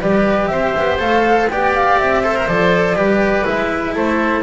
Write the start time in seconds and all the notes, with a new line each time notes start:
0.00 G3 G4 B4 D5
0.47 C4 C5 E5
0.77 B3
0.99 A3 A4 F5
1.49 B3 G4 D5 G5
1.74 F5
1.98 C4 E5
2.23 A4 C5
2.35 A#4
2.47 F3 A4 D5
2.95 G3 G4 B4
3.44 G#3 E4 E5
3.94 A3 A4 C5